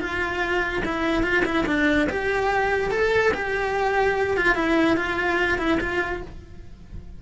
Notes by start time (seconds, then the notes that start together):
0.00 F4
0.85 E4
1.23 F4
1.45 E4
1.67 D4
2.10 G4
2.91 A4
3.34 G4
4.37 F4
4.55 E4
4.97 F4
5.58 E4
5.80 F4